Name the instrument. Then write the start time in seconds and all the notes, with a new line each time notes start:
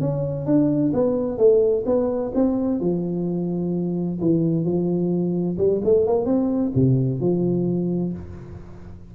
tuba
0.00 C#4
0.46 D4
0.93 B3
1.37 A3
1.86 B3
2.34 C4
2.80 F3
4.21 E3
4.64 F3
5.58 G3
5.84 A3
6.06 A#3
6.25 C4
6.75 C3
7.20 F3